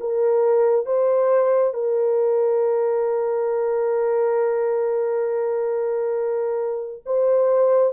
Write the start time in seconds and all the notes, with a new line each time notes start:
0.00 A#4
0.85 C5
1.74 A#4
7.05 C5